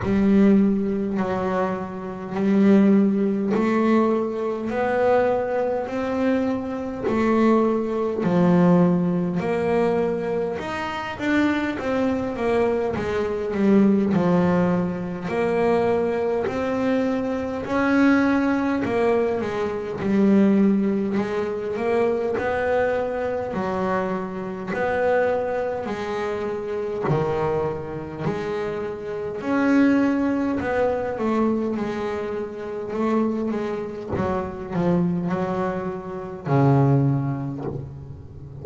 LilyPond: \new Staff \with { instrumentName = "double bass" } { \time 4/4 \tempo 4 = 51 g4 fis4 g4 a4 | b4 c'4 a4 f4 | ais4 dis'8 d'8 c'8 ais8 gis8 g8 | f4 ais4 c'4 cis'4 |
ais8 gis8 g4 gis8 ais8 b4 | fis4 b4 gis4 dis4 | gis4 cis'4 b8 a8 gis4 | a8 gis8 fis8 f8 fis4 cis4 | }